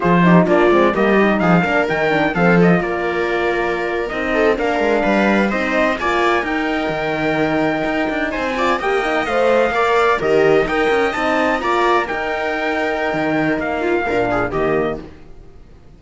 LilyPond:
<<
  \new Staff \with { instrumentName = "trumpet" } { \time 4/4 \tempo 4 = 128 c''4 d''4 dis''4 f''4 | g''4 f''8 dis''8 d''2~ | d''8. dis''4 f''2 dis''16~ | dis''8. gis''4 g''2~ g''16~ |
g''4.~ g''16 gis''4 g''4 f''16~ | f''4.~ f''16 dis''4 g''4 a''16~ | a''8. ais''4 g''2~ g''16~ | g''4 f''2 dis''4 | }
  \new Staff \with { instrumentName = "viola" } { \time 4/4 gis'8 g'8 f'4 g'4 gis'8 ais'8~ | ais'4 a'4 ais'2~ | ais'4~ ais'16 a'8 ais'4 b'4 c''16~ | c''8. d''4 ais'2~ ais'16~ |
ais'4.~ ais'16 c''8 d''8 dis''4~ dis''16~ | dis''8. d''4 ais'4 dis''4~ dis''16~ | dis''8. d''4 ais'2~ ais'16~ | ais'4. f'8 ais'8 gis'8 g'4 | }
  \new Staff \with { instrumentName = "horn" } { \time 4/4 f'8 dis'8 d'8 c'8 ais8 dis'4 d'8 | dis'8 d'8 c'8 f'2~ f'8~ | f'8. dis'4 d'2 dis'16~ | dis'8. f'4 dis'2~ dis'16~ |
dis'2~ dis'16 f'8 g'8 dis'8 c''16~ | c''8. ais'4 g'4 ais'4 dis'16~ | dis'8. f'4 dis'2~ dis'16~ | dis'2 d'4 ais4 | }
  \new Staff \with { instrumentName = "cello" } { \time 4/4 f4 ais8 gis8 g4 f8 ais8 | dis4 f4 ais2~ | ais8. c'4 ais8 gis8 g4 c'16~ | c'8. ais4 dis'4 dis4~ dis16~ |
dis8. dis'8 d'8 c'4 ais4 a16~ | a8. ais4 dis4 dis'8 cis'8 c'16~ | c'8. ais4 dis'2~ dis'16 | dis4 ais4 ais,4 dis4 | }
>>